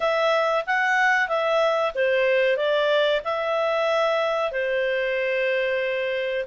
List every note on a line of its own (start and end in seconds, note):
0.00 0.65 E5
0.66 1.28 F#5
1.28 1.92 E5
1.94 2.56 C5
2.56 3.21 D5
3.24 4.51 E5
4.51 6.45 C5